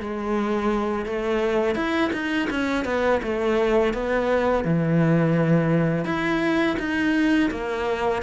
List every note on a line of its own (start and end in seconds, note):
0.00 1.06 G#3
1.06 1.75 A3
1.75 2.11 E4
2.13 2.49 D#4
2.50 2.85 C#4
2.85 3.21 B3
3.23 3.94 A3
3.94 4.64 B3
4.64 6.05 E3
6.05 6.76 E4
6.79 7.50 D#4
7.51 8.22 A#3